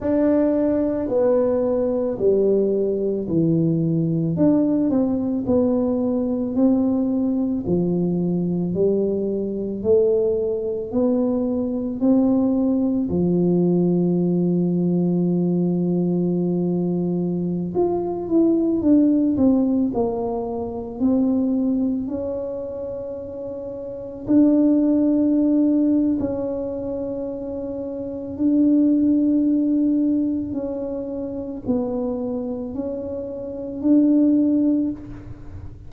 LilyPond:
\new Staff \with { instrumentName = "tuba" } { \time 4/4 \tempo 4 = 55 d'4 b4 g4 e4 | d'8 c'8 b4 c'4 f4 | g4 a4 b4 c'4 | f1~ |
f16 f'8 e'8 d'8 c'8 ais4 c'8.~ | c'16 cis'2 d'4.~ d'16 | cis'2 d'2 | cis'4 b4 cis'4 d'4 | }